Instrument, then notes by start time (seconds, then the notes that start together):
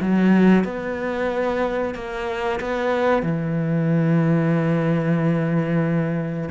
cello
0.00 F#3
0.64 B3
1.94 A#3
2.60 B3
3.22 E3